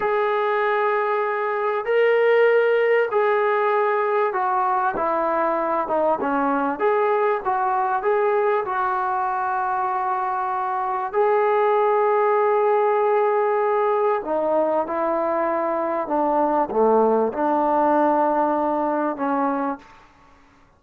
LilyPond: \new Staff \with { instrumentName = "trombone" } { \time 4/4 \tempo 4 = 97 gis'2. ais'4~ | ais'4 gis'2 fis'4 | e'4. dis'8 cis'4 gis'4 | fis'4 gis'4 fis'2~ |
fis'2 gis'2~ | gis'2. dis'4 | e'2 d'4 a4 | d'2. cis'4 | }